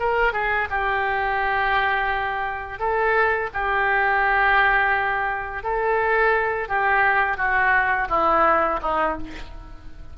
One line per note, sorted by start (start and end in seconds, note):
0.00 0.33 A#4
0.33 0.69 G#4
0.71 2.79 G4
2.79 3.50 A4
3.54 5.64 G4
5.64 6.69 A4
6.69 7.38 G4
7.38 8.08 F#4
8.10 8.80 E4
8.83 9.18 D#4